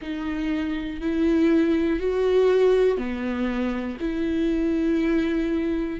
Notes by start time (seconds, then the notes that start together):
0.01 D#4
1.00 E4
1.99 F#4
2.97 B3
4.00 E4